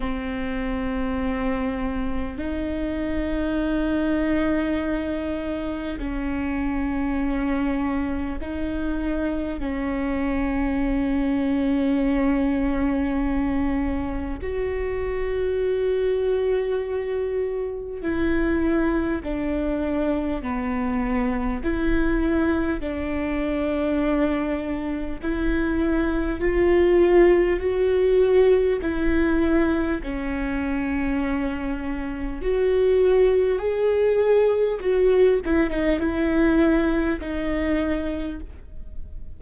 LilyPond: \new Staff \with { instrumentName = "viola" } { \time 4/4 \tempo 4 = 50 c'2 dis'2~ | dis'4 cis'2 dis'4 | cis'1 | fis'2. e'4 |
d'4 b4 e'4 d'4~ | d'4 e'4 f'4 fis'4 | e'4 cis'2 fis'4 | gis'4 fis'8 e'16 dis'16 e'4 dis'4 | }